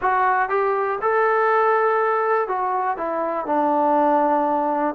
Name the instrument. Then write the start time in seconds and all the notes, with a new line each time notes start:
trombone
0.01 F#4
0.49 G4
1.01 A4
2.47 F#4
2.97 E4
3.46 D4